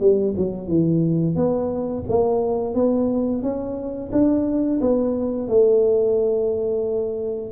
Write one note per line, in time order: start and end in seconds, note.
0.00 0.34 G3
0.37 0.68 F#3
0.68 1.35 E3
1.35 2.04 B3
2.08 2.74 A#3
2.74 3.42 B3
3.42 4.10 C#4
4.12 4.80 D4
4.81 5.48 B3
5.48 7.51 A3